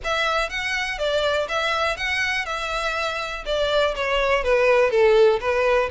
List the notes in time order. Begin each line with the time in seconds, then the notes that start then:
0.04 E5
0.49 F#5
0.98 D5
1.48 E5
1.96 F#5
2.45 E5
3.45 D5
3.95 C#5
4.43 B4
4.90 A4
5.40 B4